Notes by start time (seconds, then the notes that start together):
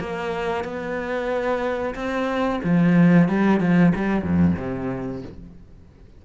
0.00 A#3
0.65 B3
1.95 C4
2.64 F3
3.29 G3
3.60 F3
3.96 G3
4.22 F2
4.57 C3